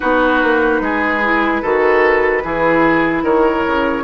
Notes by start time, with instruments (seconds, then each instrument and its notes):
0.00 bassoon B3, clarinet D#4, oboe F#4, flute B4
0.43 bassoon A#3
0.81 bassoon G#3, oboe G#4
1.23 clarinet E4
1.61 bassoon D#3, clarinet F#4, oboe A4
2.43 bassoon E3, clarinet E4, oboe G#4
3.23 bassoon D#3, oboe A#4, flute C#5
3.66 bassoon C#3